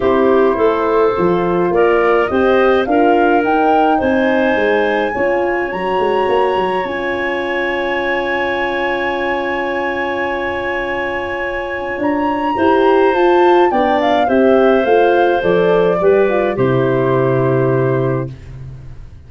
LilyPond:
<<
  \new Staff \with { instrumentName = "flute" } { \time 4/4 \tempo 4 = 105 c''2. d''4 | dis''4 f''4 g''4 gis''4~ | gis''2 ais''2 | gis''1~ |
gis''1~ | gis''4 ais''2 a''4 | g''8 f''8 e''4 f''4 d''4~ | d''4 c''2. | }
  \new Staff \with { instrumentName = "clarinet" } { \time 4/4 g'4 a'2 ais'4 | c''4 ais'2 c''4~ | c''4 cis''2.~ | cis''1~ |
cis''1~ | cis''2 c''2 | d''4 c''2. | b'4 g'2. | }
  \new Staff \with { instrumentName = "horn" } { \time 4/4 e'2 f'2 | g'4 f'4 dis'2~ | dis'4 f'4 fis'2 | f'1~ |
f'1~ | f'2 g'4 f'4 | d'4 g'4 f'4 a'4 | g'8 f'8 e'2. | }
  \new Staff \with { instrumentName = "tuba" } { \time 4/4 c'4 a4 f4 ais4 | c'4 d'4 dis'4 c'4 | gis4 cis'4 fis8 gis8 ais8 fis8 | cis'1~ |
cis'1~ | cis'4 d'4 e'4 f'4 | b4 c'4 a4 f4 | g4 c2. | }
>>